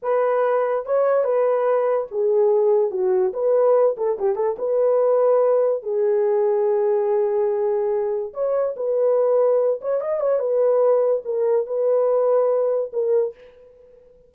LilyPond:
\new Staff \with { instrumentName = "horn" } { \time 4/4 \tempo 4 = 144 b'2 cis''4 b'4~ | b'4 gis'2 fis'4 | b'4. a'8 g'8 a'8 b'4~ | b'2 gis'2~ |
gis'1 | cis''4 b'2~ b'8 cis''8 | dis''8 cis''8 b'2 ais'4 | b'2. ais'4 | }